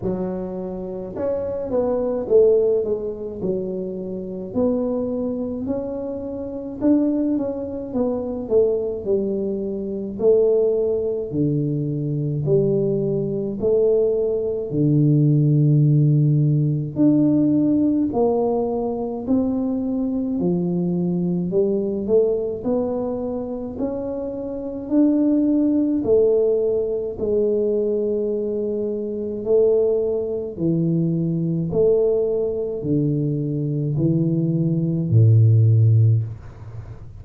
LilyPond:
\new Staff \with { instrumentName = "tuba" } { \time 4/4 \tempo 4 = 53 fis4 cis'8 b8 a8 gis8 fis4 | b4 cis'4 d'8 cis'8 b8 a8 | g4 a4 d4 g4 | a4 d2 d'4 |
ais4 c'4 f4 g8 a8 | b4 cis'4 d'4 a4 | gis2 a4 e4 | a4 d4 e4 a,4 | }